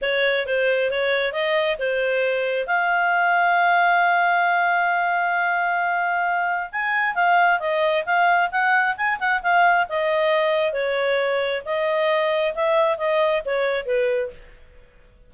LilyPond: \new Staff \with { instrumentName = "clarinet" } { \time 4/4 \tempo 4 = 134 cis''4 c''4 cis''4 dis''4 | c''2 f''2~ | f''1~ | f''2. gis''4 |
f''4 dis''4 f''4 fis''4 | gis''8 fis''8 f''4 dis''2 | cis''2 dis''2 | e''4 dis''4 cis''4 b'4 | }